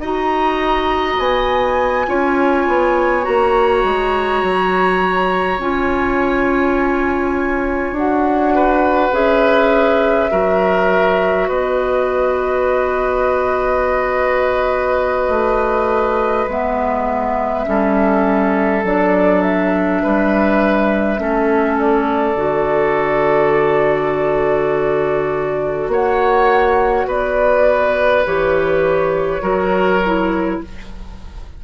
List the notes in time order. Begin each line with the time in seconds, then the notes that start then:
0.00 D#4 F#4 D#5 A#5
1.19 B3 G#5
2.07 C#4 F4 C#5
2.68 B3
3.22 A#3 F#4 A#5
3.84 G#3
4.44 F#3
5.59 C#4 F4 G#5
7.92 D4 F#4 F#5
8.55 B4
9.12 C#4 G#4 E5
10.31 F#3 F#4 A#4
11.49 B3 B4 D#5
15.29 A3
16.48 G#3 B3 E5
17.65 G3 C#4 A4
18.84 F#3 D4 D5
19.42 E5
20.03 G3 B4
21.18 A3 C#4 A4
21.79 D5
22.35 D3 F#4
25.88 A#3 C#5 F#5
27.06 B3 B4 D5
28.26 E3 G4 C#5
29.41 F#3 F#4 A#4
30.06 E4